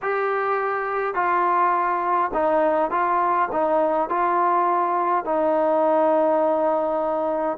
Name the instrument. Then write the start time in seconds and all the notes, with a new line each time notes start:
trombone
0.02 G4
1.14 F4
2.33 D#4
2.90 F4
3.52 D#4
4.09 F4
5.25 D#4